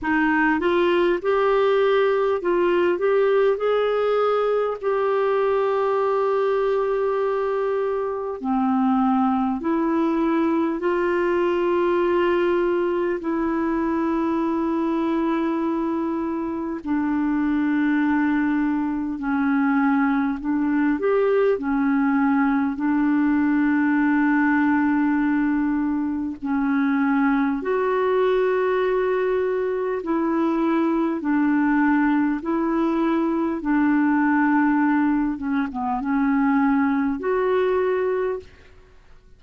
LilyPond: \new Staff \with { instrumentName = "clarinet" } { \time 4/4 \tempo 4 = 50 dis'8 f'8 g'4 f'8 g'8 gis'4 | g'2. c'4 | e'4 f'2 e'4~ | e'2 d'2 |
cis'4 d'8 g'8 cis'4 d'4~ | d'2 cis'4 fis'4~ | fis'4 e'4 d'4 e'4 | d'4. cis'16 b16 cis'4 fis'4 | }